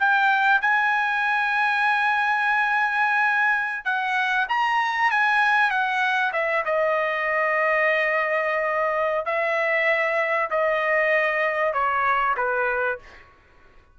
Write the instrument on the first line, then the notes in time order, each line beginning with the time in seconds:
trumpet
0.00 G5
0.62 G#5
3.85 F#5
4.49 A#5
5.11 G#5
5.71 F#5
6.33 E5
6.66 D#5
9.26 E5
10.51 D#5
11.74 C#5
12.37 B4